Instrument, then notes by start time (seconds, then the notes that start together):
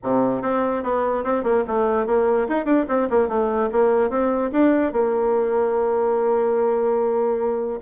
bassoon
0.03 C3
0.41 C4
0.83 B3
1.24 C4
1.43 A#3
1.67 A3
2.06 A#3
2.48 D#4
2.65 D4
2.88 C4
3.09 A#3
3.28 A3
3.72 A#3
4.09 C4
4.51 D4
4.92 A#3